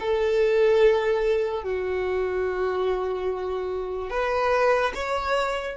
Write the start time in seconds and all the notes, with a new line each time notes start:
0.00 A4
1.64 F#4
4.10 B4
4.95 C#5